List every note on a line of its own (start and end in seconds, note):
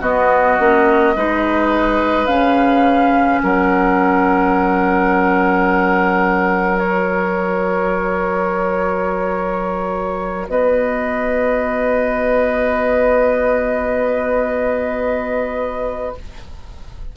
0.00 0.57 B3
0.00 0.58 B3
0.00 1.13 F#4
0.00 2.26 D#5
0.58 1.15 A#3
0.58 1.15 C#4
1.15 2.26 G#3
1.15 2.27 D#4
1.15 3.42 B4
2.26 3.40 C#3
2.26 6.79 C#4
2.26 3.39 F5
3.42 10.48 F#3
3.42 10.50 A#4
3.42 6.78 F#5
6.78 16.13 F#4
6.78 10.46 C#5
10.48 16.14 B3
10.48 16.16 B4
10.48 16.15 D#5